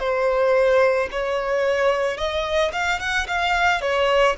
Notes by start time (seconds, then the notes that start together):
0.00 C5
1.12 C#5
2.17 D#5
2.73 F5
3.00 F#5
3.27 F5
3.82 C#5